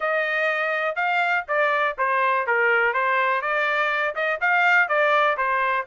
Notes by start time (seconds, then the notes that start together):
0.00 D#5
0.95 F5
1.48 D5
1.98 C5
2.46 A#4
2.93 C5
3.41 D5
4.15 D#5
4.40 F5
4.88 D5
5.37 C5